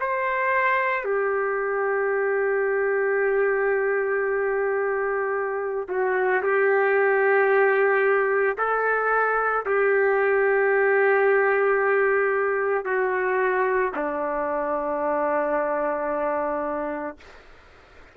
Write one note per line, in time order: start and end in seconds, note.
0.00 1.04 C5
1.04 5.86 G4
5.88 6.42 F#4
6.42 8.57 G4
8.58 9.65 A4
9.66 12.85 G4
12.85 13.92 F#4
13.95 17.17 D4